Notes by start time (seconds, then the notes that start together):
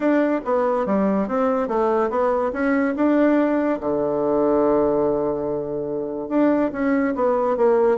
0.00 D4
0.45 B3
0.86 G3
1.28 C4
1.68 A3
2.09 B3
2.53 C#4
2.95 D4
3.80 D3
6.28 D4
6.72 C#4
7.15 B3
7.56 A#3